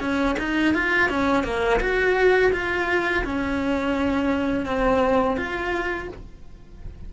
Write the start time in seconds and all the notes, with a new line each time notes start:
0.00 C#4
0.39 D#4
0.74 F4
1.09 C#4
1.44 A#3
1.80 F#4
2.53 F4
3.25 C#4
4.66 C4
5.37 F4